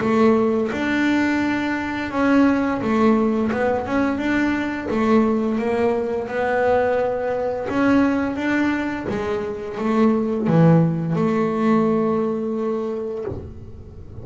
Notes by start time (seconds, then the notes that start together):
0.00 A3
0.72 D4
2.11 C#4
2.81 A3
3.51 B3
3.86 C#4
4.17 D4
4.90 A3
5.58 A#3
6.28 B3
7.69 C#4
8.36 D4
9.09 G#3
9.78 A3
10.47 E3
11.15 A3